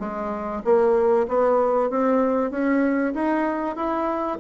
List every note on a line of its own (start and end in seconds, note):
0.00 0.62 G#3
0.65 1.27 A#3
1.28 1.90 B3
1.90 2.51 C4
2.51 3.14 C#4
3.14 3.76 D#4
3.76 4.39 E4